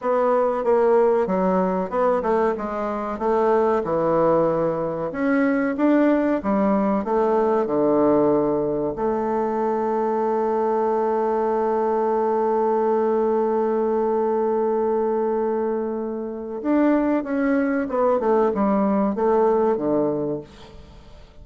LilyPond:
\new Staff \with { instrumentName = "bassoon" } { \time 4/4 \tempo 4 = 94 b4 ais4 fis4 b8 a8 | gis4 a4 e2 | cis'4 d'4 g4 a4 | d2 a2~ |
a1~ | a1~ | a2 d'4 cis'4 | b8 a8 g4 a4 d4 | }